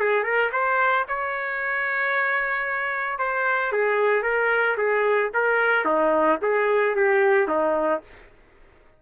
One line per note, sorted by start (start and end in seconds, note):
0.00 0.24 G#4
0.24 0.50 A#4
0.52 1.06 C5
1.08 3.19 C#5
3.19 3.72 C5
3.72 4.23 G#4
4.23 4.77 A#4
4.78 5.31 G#4
5.34 5.85 A#4
5.85 6.39 D#4
6.42 6.95 G#4
6.95 7.48 G4
7.48 8.02 D#4